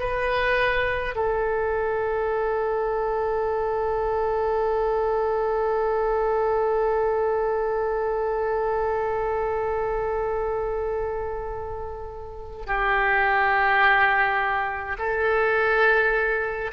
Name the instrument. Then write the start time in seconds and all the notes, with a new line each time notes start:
oboe
0.00 B4
1.15 A4
12.67 G4
14.99 A4